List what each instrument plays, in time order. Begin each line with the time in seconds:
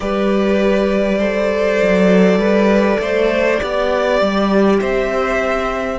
0.00 cello G3, viola G4, violin B4 D5
1.18 viola A4, violin C5
1.82 cello F#3
2.37 cello G3, violin B4
3.00 cello A3, violin C5
3.56 viola G4, violin D5
3.63 cello B3
4.20 cello G3
4.80 cello C4, violin C5 E5